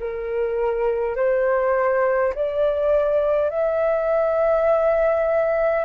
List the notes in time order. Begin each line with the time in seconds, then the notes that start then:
0.00 A#4
1.16 C5
2.35 D5
3.50 E5